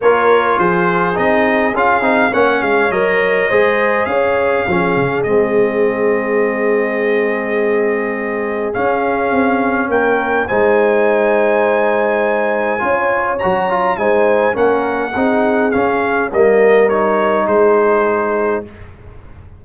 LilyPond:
<<
  \new Staff \with { instrumentName = "trumpet" } { \time 4/4 \tempo 4 = 103 cis''4 c''4 dis''4 f''4 | fis''8 f''8 dis''2 f''4~ | f''4 dis''2.~ | dis''2. f''4~ |
f''4 g''4 gis''2~ | gis''2. ais''4 | gis''4 fis''2 f''4 | dis''4 cis''4 c''2 | }
  \new Staff \with { instrumentName = "horn" } { \time 4/4 ais'4 gis'2. | cis''2 c''4 cis''4 | gis'1~ | gis'1~ |
gis'4 ais'4 c''2~ | c''2 cis''2 | c''4 ais'4 gis'2 | ais'2 gis'2 | }
  \new Staff \with { instrumentName = "trombone" } { \time 4/4 f'2 dis'4 f'8 dis'8 | cis'4 ais'4 gis'2 | cis'4 c'2.~ | c'2. cis'4~ |
cis'2 dis'2~ | dis'2 f'4 fis'8 f'8 | dis'4 cis'4 dis'4 cis'4 | ais4 dis'2. | }
  \new Staff \with { instrumentName = "tuba" } { \time 4/4 ais4 f4 c'4 cis'8 c'8 | ais8 gis8 fis4 gis4 cis'4 | f8 cis8 gis2.~ | gis2. cis'4 |
c'4 ais4 gis2~ | gis2 cis'4 fis4 | gis4 ais4 c'4 cis'4 | g2 gis2 | }
>>